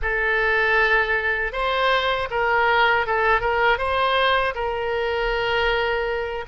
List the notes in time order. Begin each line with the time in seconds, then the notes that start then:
0.02 A4
1.52 C5
2.30 A#4
3.06 A4
3.40 A#4
3.78 C5
4.54 A#4